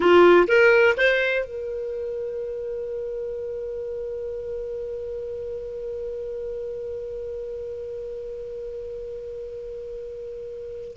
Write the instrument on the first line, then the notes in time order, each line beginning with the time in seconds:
clarinet
0.00 F4
0.47 A#4
0.97 C5
1.44 A#4